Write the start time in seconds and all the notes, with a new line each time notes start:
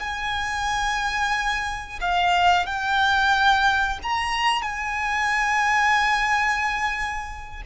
0.00 G#5
2.01 F5
2.66 G5
4.03 A#5
4.62 G#5